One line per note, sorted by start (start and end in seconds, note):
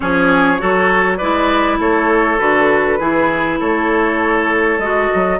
0.00 0.61 F3
0.00 0.58 C#4
0.00 0.61 G#4
0.00 1.17 C#5
0.58 1.21 F#3
0.58 1.18 F#4
0.58 1.17 A4
1.17 1.78 G#3
1.17 2.39 E4
1.17 1.77 B4
1.17 1.77 D5
1.78 2.38 A3
1.78 2.99 A4
1.78 2.39 C#5
2.39 2.99 D3
2.39 2.98 F#4
2.39 3.59 B4
2.99 3.59 E3
2.99 4.79 E4
2.99 3.59 G#4
3.59 4.78 A3
3.59 5.39 A4
3.59 4.79 C#5
4.78 5.08 G#3
4.78 5.39 F#4
4.78 5.39 D#5
5.14 5.39 F#3